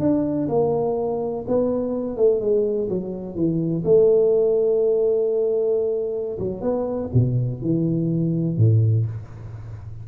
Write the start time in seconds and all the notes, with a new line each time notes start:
0.00 D4
0.49 A#3
1.48 B3
2.17 A3
2.41 G#3
2.89 F#3
3.35 E3
3.85 A3
6.39 F#3
6.62 B3
7.14 B2
7.62 E3
8.58 A2